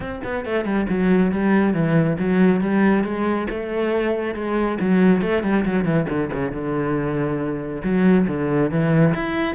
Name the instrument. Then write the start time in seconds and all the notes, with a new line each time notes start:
cello
0.00 C4
0.24 B3
0.45 A3
0.64 G3
0.89 F#3
1.31 G3
1.73 E3
2.19 F#3
2.60 G3
3.04 G#3
3.49 A3
4.34 G#3
4.80 F#3
5.21 A3
5.42 G3
5.65 F#3
5.84 E3
6.09 D3
6.32 C#3
6.51 D3
7.83 F#3
8.27 D3
8.70 E3
9.14 E4